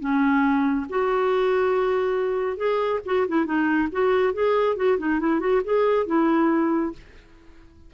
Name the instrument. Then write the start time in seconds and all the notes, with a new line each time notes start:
clarinet
0.00 C#4
0.89 F#4
2.57 G#4
3.05 F#4
3.28 E4
3.45 D#4
3.92 F#4
4.34 G#4
4.76 F#4
4.98 D#4
5.20 E4
5.40 F#4
5.64 G#4
6.06 E4